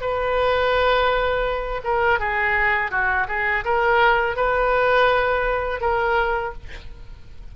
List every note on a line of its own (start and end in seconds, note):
0.00 1.81 B4
1.83 2.19 A#4
2.19 2.91 G#4
2.91 3.27 F#4
3.28 3.64 G#4
3.64 4.36 A#4
4.36 5.80 B4
5.80 6.52 A#4